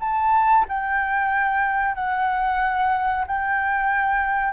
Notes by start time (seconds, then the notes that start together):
0.00 A5
0.68 G5
1.95 F#5
3.27 G5